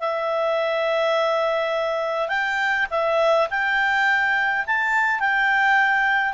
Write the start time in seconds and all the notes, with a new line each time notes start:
0.00 E5
2.29 G5
2.91 E5
3.50 G5
4.67 A5
5.20 G5